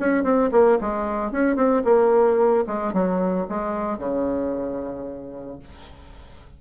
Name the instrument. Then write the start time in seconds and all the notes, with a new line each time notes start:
bassoon
0.00 C#4
0.24 C4
0.52 A#3
0.81 G#3
1.32 C#4
1.56 C4
1.85 A#3
2.67 G#3
2.94 F#3
3.49 G#3
3.99 C#3